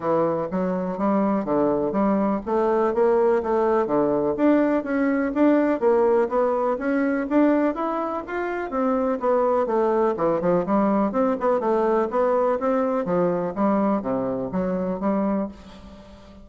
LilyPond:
\new Staff \with { instrumentName = "bassoon" } { \time 4/4 \tempo 4 = 124 e4 fis4 g4 d4 | g4 a4 ais4 a4 | d4 d'4 cis'4 d'4 | ais4 b4 cis'4 d'4 |
e'4 f'4 c'4 b4 | a4 e8 f8 g4 c'8 b8 | a4 b4 c'4 f4 | g4 c4 fis4 g4 | }